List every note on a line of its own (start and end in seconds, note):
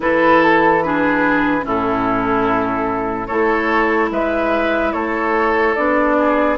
0.00 1.64 E3
0.00 0.81 E4
0.00 0.84 A4
0.00 0.41 B4
0.42 0.82 A4
0.82 1.61 D4
0.82 1.65 G#4
0.82 1.65 B4
1.61 3.29 A2
1.61 3.26 C#4
1.61 3.27 E4
1.67 3.26 A4
3.26 4.10 A3
3.26 5.76 E4
3.26 4.09 A4
3.26 4.09 C#5
4.10 4.93 G#3
4.10 4.93 B4
4.10 4.92 E5
4.92 5.76 A3
4.92 6.16 A4
4.92 5.74 C#5
5.74 6.57 B3
5.74 6.57 D4
5.74 6.57 D5
6.18 6.57 G#4